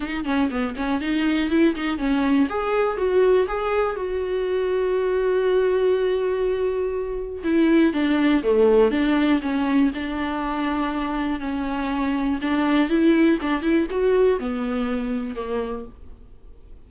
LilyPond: \new Staff \with { instrumentName = "viola" } { \time 4/4 \tempo 4 = 121 dis'8 cis'8 b8 cis'8 dis'4 e'8 dis'8 | cis'4 gis'4 fis'4 gis'4 | fis'1~ | fis'2. e'4 |
d'4 a4 d'4 cis'4 | d'2. cis'4~ | cis'4 d'4 e'4 d'8 e'8 | fis'4 b2 ais4 | }